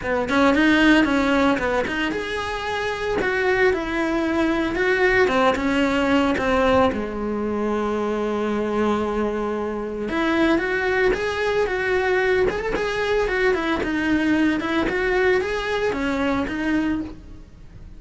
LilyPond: \new Staff \with { instrumentName = "cello" } { \time 4/4 \tempo 4 = 113 b8 cis'8 dis'4 cis'4 b8 dis'8 | gis'2 fis'4 e'4~ | e'4 fis'4 c'8 cis'4. | c'4 gis2.~ |
gis2. e'4 | fis'4 gis'4 fis'4. gis'16 a'16 | gis'4 fis'8 e'8 dis'4. e'8 | fis'4 gis'4 cis'4 dis'4 | }